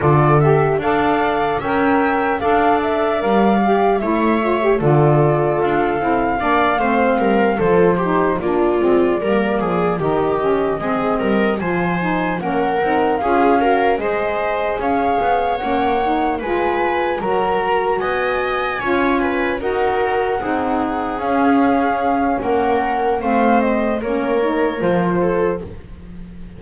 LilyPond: <<
  \new Staff \with { instrumentName = "flute" } { \time 4/4 \tempo 4 = 75 d''8 e''8 f''4 g''4 f''8 e''8 | f''4 e''4 d''4 f''4~ | f''4. c''4 d''4.~ | d''8 dis''2 gis''4 fis''8~ |
fis''8 f''4 dis''4 f''4 fis''8~ | fis''8 gis''4 ais''4 gis''4.~ | gis''8 fis''2 f''4. | fis''4 f''8 dis''8 cis''4 c''4 | }
  \new Staff \with { instrumentName = "viola" } { \time 4/4 a'4 d''4 e''4 d''4~ | d''4 cis''4 a'2 | d''8 c''8 ais'8 a'8 g'8 f'4 ais'8 | gis'8 g'4 gis'8 ais'8 c''4 ais'8~ |
ais'8 gis'8 ais'8 c''4 cis''4.~ | cis''8 b'4 ais'4 dis''4 cis''8 | b'8 ais'4 gis'2~ gis'8 | ais'4 c''4 ais'4. a'8 | }
  \new Staff \with { instrumentName = "saxophone" } { \time 4/4 f'8 g'8 a'4 ais'4 a'4 | ais'8 g'8 e'8 f'16 g'16 f'4. e'8 | d'8 c'4 f'8 dis'8 d'8 c'8 ais8~ | ais8 dis'8 cis'8 c'4 f'8 dis'8 cis'8 |
dis'8 f'8 fis'8 gis'2 cis'8 | dis'8 f'4 fis'2 f'8~ | f'8 fis'4 dis'4 cis'4.~ | cis'4 c'4 cis'8 dis'8 f'4 | }
  \new Staff \with { instrumentName = "double bass" } { \time 4/4 d4 d'4 cis'4 d'4 | g4 a4 d4 d'8 c'8 | ais8 a8 g8 f4 ais8 gis8 g8 | f8 dis4 gis8 g8 f4 ais8 |
c'8 cis'4 gis4 cis'8 b8 ais8~ | ais8 gis4 fis4 b4 cis'8~ | cis'8 dis'4 c'4 cis'4. | ais4 a4 ais4 f4 | }
>>